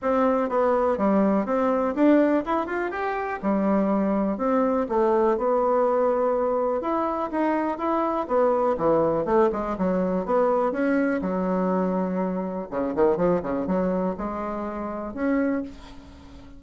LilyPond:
\new Staff \with { instrumentName = "bassoon" } { \time 4/4 \tempo 4 = 123 c'4 b4 g4 c'4 | d'4 e'8 f'8 g'4 g4~ | g4 c'4 a4 b4~ | b2 e'4 dis'4 |
e'4 b4 e4 a8 gis8 | fis4 b4 cis'4 fis4~ | fis2 cis8 dis8 f8 cis8 | fis4 gis2 cis'4 | }